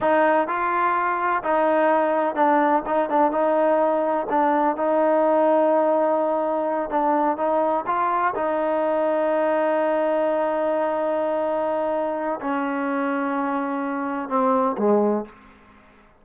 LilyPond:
\new Staff \with { instrumentName = "trombone" } { \time 4/4 \tempo 4 = 126 dis'4 f'2 dis'4~ | dis'4 d'4 dis'8 d'8 dis'4~ | dis'4 d'4 dis'2~ | dis'2~ dis'8 d'4 dis'8~ |
dis'8 f'4 dis'2~ dis'8~ | dis'1~ | dis'2 cis'2~ | cis'2 c'4 gis4 | }